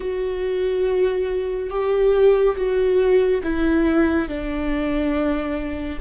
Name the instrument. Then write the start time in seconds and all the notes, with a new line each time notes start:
viola
0.00 F#4
1.69 G4
2.56 F#4
3.43 E4
4.28 D4